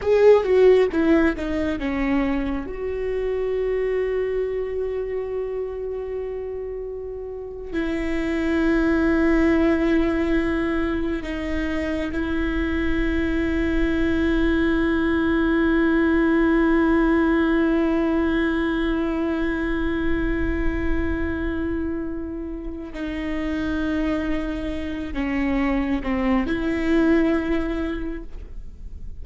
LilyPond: \new Staff \with { instrumentName = "viola" } { \time 4/4 \tempo 4 = 68 gis'8 fis'8 e'8 dis'8 cis'4 fis'4~ | fis'1~ | fis'8. e'2.~ e'16~ | e'8. dis'4 e'2~ e'16~ |
e'1~ | e'1~ | e'2 dis'2~ | dis'8 cis'4 c'8 e'2 | }